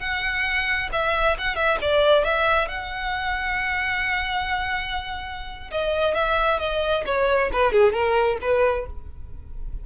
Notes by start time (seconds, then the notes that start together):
0.00 F#5
0.93 E5
1.39 F#5
1.56 E5
1.82 D5
2.25 E5
2.68 F#5
5.71 D#5
6.15 E5
6.60 D#5
7.06 C#5
7.53 B4
7.72 G#4
7.93 A#4
8.42 B4